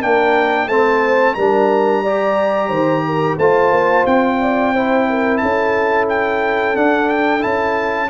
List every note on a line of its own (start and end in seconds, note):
0.00 0.68 A#3
0.00 0.69 D4
0.00 0.67 A#4
0.00 0.69 G5
0.68 1.35 A3
0.68 1.38 C4
0.68 1.36 C5
0.68 1.35 A5
1.35 2.70 G3
1.35 2.06 D4
1.35 2.03 A#4
1.35 3.37 A#5
2.03 3.41 G4
2.03 2.69 D5
2.69 3.37 D#3
2.69 3.03 C5
3.06 3.37 A#4
3.37 3.72 A3
3.37 4.76 F4
3.37 4.38 C5
3.37 4.06 A5
3.72 4.05 A#3
4.07 5.42 C4
4.07 5.38 G5
4.41 4.74 D5
4.74 6.76 E4
4.74 5.08 C5
5.10 5.42 A#4
5.38 6.77 C#4
5.38 8.10 A4
5.38 6.05 A5
6.10 6.77 G5
6.76 7.41 D4
6.76 7.44 D4
6.76 7.09 F#5
7.09 7.43 G5
7.41 8.10 C#4
7.41 8.08 E4
7.41 8.10 A5